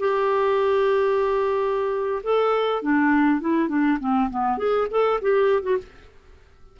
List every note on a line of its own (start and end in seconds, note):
0.00 2.23 G4
2.24 2.83 A4
2.83 3.41 D4
3.41 3.69 E4
3.69 3.99 D4
4.00 4.30 C4
4.31 4.59 B3
4.59 4.88 G#4
4.91 5.21 A4
5.22 5.63 G4
5.63 5.78 F#4